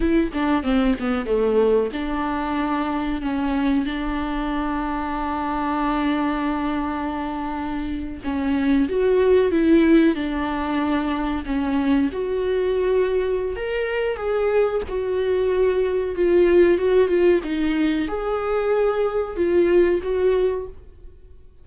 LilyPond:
\new Staff \with { instrumentName = "viola" } { \time 4/4 \tempo 4 = 93 e'8 d'8 c'8 b8 a4 d'4~ | d'4 cis'4 d'2~ | d'1~ | d'8. cis'4 fis'4 e'4 d'16~ |
d'4.~ d'16 cis'4 fis'4~ fis'16~ | fis'4 ais'4 gis'4 fis'4~ | fis'4 f'4 fis'8 f'8 dis'4 | gis'2 f'4 fis'4 | }